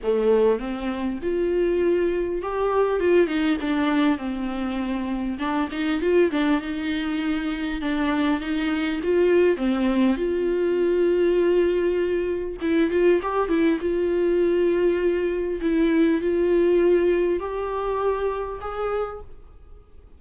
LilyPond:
\new Staff \with { instrumentName = "viola" } { \time 4/4 \tempo 4 = 100 a4 c'4 f'2 | g'4 f'8 dis'8 d'4 c'4~ | c'4 d'8 dis'8 f'8 d'8 dis'4~ | dis'4 d'4 dis'4 f'4 |
c'4 f'2.~ | f'4 e'8 f'8 g'8 e'8 f'4~ | f'2 e'4 f'4~ | f'4 g'2 gis'4 | }